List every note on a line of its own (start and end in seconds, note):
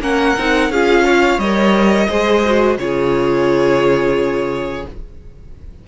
0.00 0.34 A#3
0.00 0.36 C#4
0.00 0.72 A#4
0.00 0.72 F#5
0.38 0.70 C4
0.38 0.73 D#4
0.70 1.38 C#4
0.70 1.43 F4
0.70 1.05 G#4
0.70 1.40 F5
1.05 2.08 C#5
1.38 2.07 G3
1.38 2.10 A#4
1.38 2.77 D#5
2.09 2.78 G#3
2.09 2.44 G#4
2.09 2.78 C5
2.46 2.79 F#4
2.79 4.86 C#3
2.79 4.86 F4
2.79 4.88 G#4
2.79 4.86 C#5